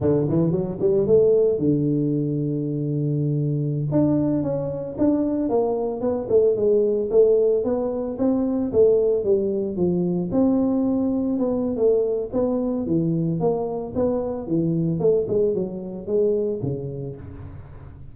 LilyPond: \new Staff \with { instrumentName = "tuba" } { \time 4/4 \tempo 4 = 112 d8 e8 fis8 g8 a4 d4~ | d2.~ d16 d'8.~ | d'16 cis'4 d'4 ais4 b8 a16~ | a16 gis4 a4 b4 c'8.~ |
c'16 a4 g4 f4 c'8.~ | c'4~ c'16 b8. a4 b4 | e4 ais4 b4 e4 | a8 gis8 fis4 gis4 cis4 | }